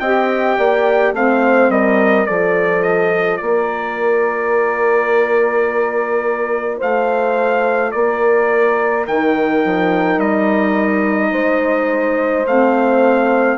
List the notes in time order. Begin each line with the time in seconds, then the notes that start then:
0.00 C4 G4 D#5 G5
0.58 A#3 D5
1.13 A3 C4 C5 F5
1.69 G3 A#4 D#5
2.26 F3 F4 A4 D5
2.83 D#5
3.37 A#3 A#4 D5
6.78 A3 C5 F5
7.92 A#3 A#4 D5
9.06 D#3 D#4 G5
9.65 F3
10.18 G3 D#5
11.31 G#3 C5
12.47 A3 C4 F5